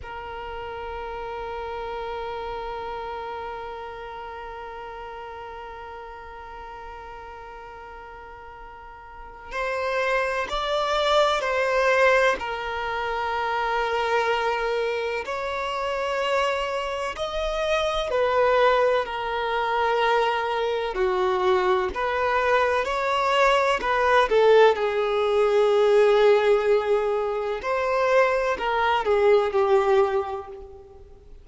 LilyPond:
\new Staff \with { instrumentName = "violin" } { \time 4/4 \tempo 4 = 63 ais'1~ | ais'1~ | ais'2 c''4 d''4 | c''4 ais'2. |
cis''2 dis''4 b'4 | ais'2 fis'4 b'4 | cis''4 b'8 a'8 gis'2~ | gis'4 c''4 ais'8 gis'8 g'4 | }